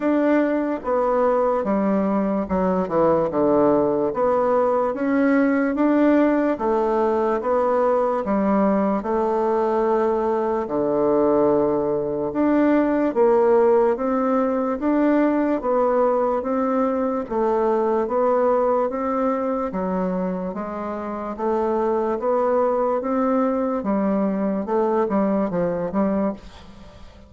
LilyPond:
\new Staff \with { instrumentName = "bassoon" } { \time 4/4 \tempo 4 = 73 d'4 b4 g4 fis8 e8 | d4 b4 cis'4 d'4 | a4 b4 g4 a4~ | a4 d2 d'4 |
ais4 c'4 d'4 b4 | c'4 a4 b4 c'4 | fis4 gis4 a4 b4 | c'4 g4 a8 g8 f8 g8 | }